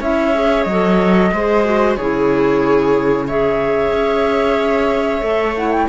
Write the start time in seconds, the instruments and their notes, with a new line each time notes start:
0.00 cello C#4, clarinet E4, viola C#5, flute E5
0.34 clarinet G#4
0.64 cello F#3, flute D#5
0.71 clarinet A4
1.32 cello G#3, clarinet G#4, viola C5
1.65 clarinet F#4
1.96 cello C#3, clarinet E4, viola G#4, flute C#5
3.27 clarinet G#4, viola C#5, flute E5
3.92 cello C#4
5.21 cello A3, clarinet A4
5.56 clarinet E4, flute F#5
5.72 flute G5